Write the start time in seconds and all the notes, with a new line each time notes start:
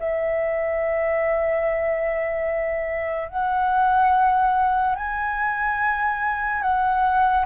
0.00 E5
3.29 F#5
4.96 G#5
6.62 F#5